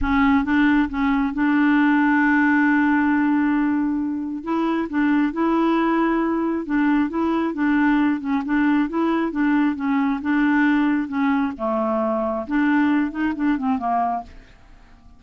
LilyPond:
\new Staff \with { instrumentName = "clarinet" } { \time 4/4 \tempo 4 = 135 cis'4 d'4 cis'4 d'4~ | d'1~ | d'2 e'4 d'4 | e'2. d'4 |
e'4 d'4. cis'8 d'4 | e'4 d'4 cis'4 d'4~ | d'4 cis'4 a2 | d'4. dis'8 d'8 c'8 ais4 | }